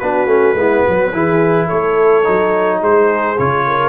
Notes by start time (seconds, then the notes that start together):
0.00 B3 D4 F#4 B4
0.26 A3 C#4
0.55 G#3 B3 E4
0.84 F#3 F#4
1.13 E3 E4 G#4
1.67 A3 A4 C#5
2.24 F#3 D#4
2.79 G#3 G#4 C5
3.39 C#3 F4 C#5
3.67 A#4